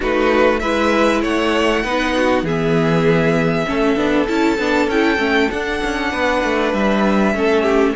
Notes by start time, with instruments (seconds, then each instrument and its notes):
0.00 cello A3, viola D#4, violin F#4 B4
0.59 cello G#3, viola E4, violin B4 E5
1.21 cello A3, violin C#5 F#5
1.84 cello B3, viola D#4, violin B4
2.16 violin F#4
2.42 cello E3, viola B3, violin G#4 E5
3.65 cello A3, viola C#4, violin A4
3.95 cello B3, viola D4
4.27 cello C#4, viola E4, violin A5
4.58 cello B3, viola D4
4.87 cello C#4, viola E4, violin G5
5.17 cello A3, viola C#4
5.51 cello D4, viola D4, violin F#5
5.84 cello C#4
6.11 cello B3, violin B4
6.44 cello A3
6.73 cello G3, violin E5
7.34 cello A3, viola C#4, violin A4
7.62 violin G4